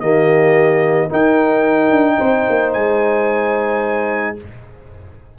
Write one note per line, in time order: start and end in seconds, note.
0.00 1.10 D#3
0.00 1.10 A#3
0.00 1.11 G4
0.00 1.09 D#5
1.10 4.37 D#4
1.10 1.91 D#4
1.10 2.18 A#4
1.10 2.73 G5
1.91 2.18 D4
2.18 2.48 C4
2.18 4.36 C5
2.49 2.75 A#3
2.73 4.39 G#3
2.73 4.36 G#5